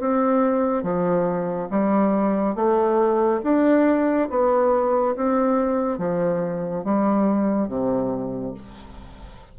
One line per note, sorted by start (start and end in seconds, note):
0.00 0.83 C4
0.83 1.69 F3
1.70 2.56 G3
2.56 3.41 A3
3.43 4.29 D4
4.30 5.15 B3
5.16 5.98 C4
5.98 6.84 F3
6.85 7.68 G3
7.68 8.54 C3